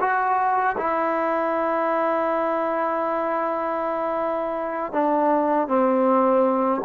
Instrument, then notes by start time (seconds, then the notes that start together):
trombone
0.00 F#4
0.77 E4
4.92 D4
5.67 C4